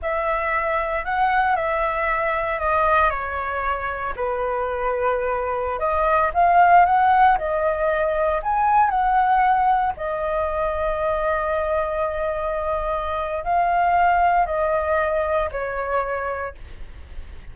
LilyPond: \new Staff \with { instrumentName = "flute" } { \time 4/4 \tempo 4 = 116 e''2 fis''4 e''4~ | e''4 dis''4 cis''2 | b'2.~ b'16 dis''8.~ | dis''16 f''4 fis''4 dis''4.~ dis''16~ |
dis''16 gis''4 fis''2 dis''8.~ | dis''1~ | dis''2 f''2 | dis''2 cis''2 | }